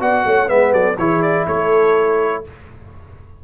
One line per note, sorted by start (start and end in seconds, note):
0.00 0.25 B3
0.00 0.46 F#4
0.00 0.25 D5
0.00 0.49 F#5
0.25 0.49 A3
0.25 0.50 C#5
0.46 0.72 G#3
0.46 0.95 B3
0.46 0.73 B4
0.46 0.73 E5
0.72 0.97 F#3
0.72 0.97 A4
0.72 0.97 D5
0.98 1.46 E3
0.98 2.44 E4
0.98 1.46 G#4
0.98 1.22 C#5
1.22 1.46 D5
1.46 2.44 A3
1.46 2.43 A4
1.46 2.44 C#5